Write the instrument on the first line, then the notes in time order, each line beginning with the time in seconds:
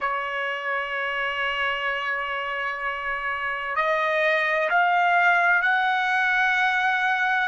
trumpet
0.00 C#5
3.75 D#5
4.69 F5
5.62 F#5